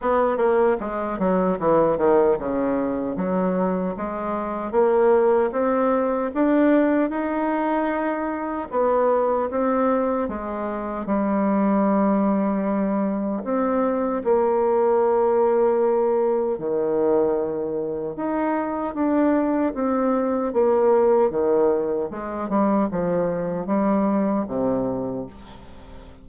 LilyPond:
\new Staff \with { instrumentName = "bassoon" } { \time 4/4 \tempo 4 = 76 b8 ais8 gis8 fis8 e8 dis8 cis4 | fis4 gis4 ais4 c'4 | d'4 dis'2 b4 | c'4 gis4 g2~ |
g4 c'4 ais2~ | ais4 dis2 dis'4 | d'4 c'4 ais4 dis4 | gis8 g8 f4 g4 c4 | }